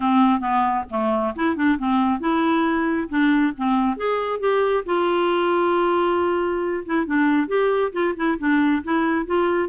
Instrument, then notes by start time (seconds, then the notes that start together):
clarinet
0.00 C4
0.40 B3
0.90 A3
1.35 E4
1.55 D4
1.78 C4
2.20 E4
3.09 D4
3.57 C4
3.96 G#4
4.39 G4
4.85 F4
6.85 E4
7.05 D4
7.47 G4
7.92 F4
8.16 E4
8.38 D4
8.83 E4
9.25 F4